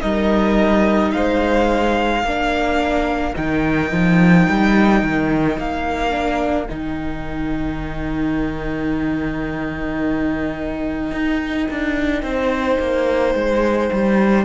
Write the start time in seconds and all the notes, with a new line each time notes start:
0.00 G3 D#4 A#4 D#5
1.12 G#3 C5 F5
2.23 A#3 D4 A#4
3.34 D#3 D#4 G5
3.91 F3
4.49 G3
5.03 D#3
5.57 A#3 F5
6.10 D4
6.69 D#3 D#4 G5
11.11 D#4
11.70 D4
12.22 C4 C5
12.79 A#3
13.34 G#3
13.92 G3